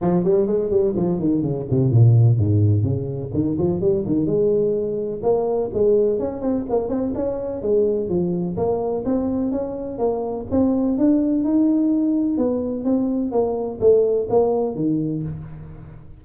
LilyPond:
\new Staff \with { instrumentName = "tuba" } { \time 4/4 \tempo 4 = 126 f8 g8 gis8 g8 f8 dis8 cis8 c8 | ais,4 gis,4 cis4 dis8 f8 | g8 dis8 gis2 ais4 | gis4 cis'8 c'8 ais8 c'8 cis'4 |
gis4 f4 ais4 c'4 | cis'4 ais4 c'4 d'4 | dis'2 b4 c'4 | ais4 a4 ais4 dis4 | }